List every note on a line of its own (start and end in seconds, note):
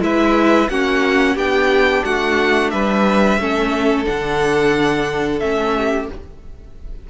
0.00 0.68 G#3
0.00 0.67 E4
0.00 0.70 B4
0.00 0.69 E5
0.69 1.35 A#3
0.69 1.37 C#4
0.69 1.35 F#4
0.69 1.36 F#5
1.35 2.03 B3
1.35 3.39 D4
1.35 2.02 G4
1.35 2.05 G5
2.05 2.72 A3
2.05 2.72 F#4
2.05 2.70 F#5
2.70 3.37 G3
2.70 3.39 B4
2.70 4.05 E5
3.37 4.05 A3
3.37 4.04 C#4
3.37 5.76 A4
4.04 5.41 D3
4.04 5.39 D4
4.04 5.39 F#5
5.39 6.08 A3
5.39 6.08 C#4
5.39 6.07 E5
5.76 6.10 G4